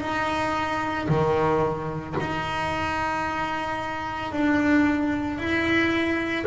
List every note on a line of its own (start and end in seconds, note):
0.00 1.07 D#4
1.08 2.15 D#3
2.20 4.32 D#4
4.32 5.38 D4
5.38 6.45 E4